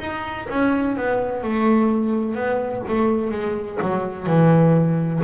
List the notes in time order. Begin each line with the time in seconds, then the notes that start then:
0.00 D#4
0.50 C#4
0.97 B3
1.44 A3
2.35 B3
2.89 A3
3.32 G#3
3.82 F#3
4.27 E3